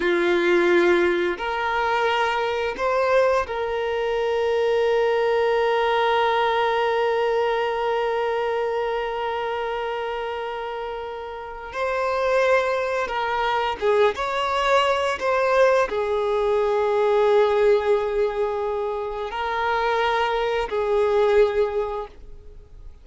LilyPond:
\new Staff \with { instrumentName = "violin" } { \time 4/4 \tempo 4 = 87 f'2 ais'2 | c''4 ais'2.~ | ais'1~ | ais'1~ |
ais'4 c''2 ais'4 | gis'8 cis''4. c''4 gis'4~ | gis'1 | ais'2 gis'2 | }